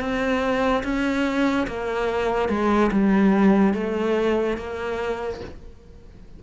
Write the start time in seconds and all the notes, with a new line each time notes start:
0.00 C4
0.84 C#4
1.67 A#3
2.49 G#3
2.92 G3
3.74 A3
4.57 A#3